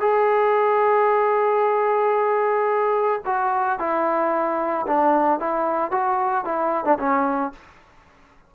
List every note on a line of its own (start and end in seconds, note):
0.00 3.21 G#4
3.26 3.79 F#4
3.79 4.86 E4
4.87 5.40 D4
5.40 5.91 E4
5.91 6.45 F#4
6.45 6.85 E4
6.85 6.98 D4
6.99 7.52 C#4